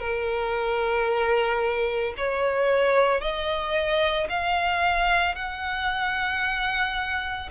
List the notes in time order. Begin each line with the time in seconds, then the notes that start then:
0.00 A#4
2.17 C#5
3.20 D#5
4.29 F5
5.35 F#5